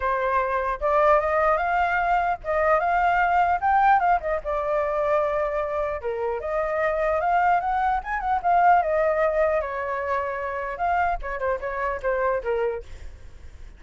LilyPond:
\new Staff \with { instrumentName = "flute" } { \time 4/4 \tempo 4 = 150 c''2 d''4 dis''4 | f''2 dis''4 f''4~ | f''4 g''4 f''8 dis''8 d''4~ | d''2. ais'4 |
dis''2 f''4 fis''4 | gis''8 fis''8 f''4 dis''2 | cis''2. f''4 | cis''8 c''8 cis''4 c''4 ais'4 | }